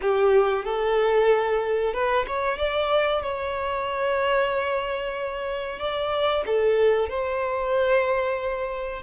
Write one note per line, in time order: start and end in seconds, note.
0.01 0.65 G4
0.65 1.93 A4
1.93 2.25 B4
2.27 2.58 C#5
2.58 3.22 D5
3.22 5.79 C#5
5.79 6.43 D5
6.45 7.09 A4
7.09 9.02 C5